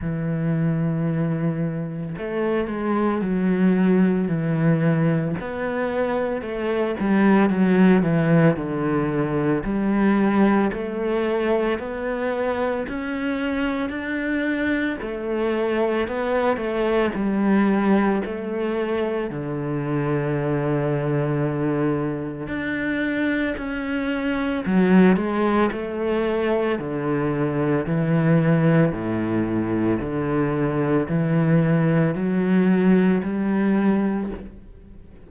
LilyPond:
\new Staff \with { instrumentName = "cello" } { \time 4/4 \tempo 4 = 56 e2 a8 gis8 fis4 | e4 b4 a8 g8 fis8 e8 | d4 g4 a4 b4 | cis'4 d'4 a4 b8 a8 |
g4 a4 d2~ | d4 d'4 cis'4 fis8 gis8 | a4 d4 e4 a,4 | d4 e4 fis4 g4 | }